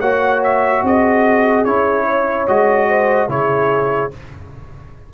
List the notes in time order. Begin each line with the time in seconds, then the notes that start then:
0.00 A#3 F#4 C#5 F#5
0.44 E5
0.83 C4 G#4 D#5
1.65 C#4 E4 C#5
2.06 C#5
2.48 G#3 F#4 D#5
2.88 C5
3.28 C#3 E4 G#4 C#5